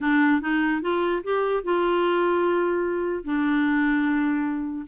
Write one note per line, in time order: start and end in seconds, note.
0.00 0.41 D4
0.41 0.81 D#4
0.81 1.22 F4
1.23 1.63 G4
1.63 3.23 F4
3.23 4.86 D4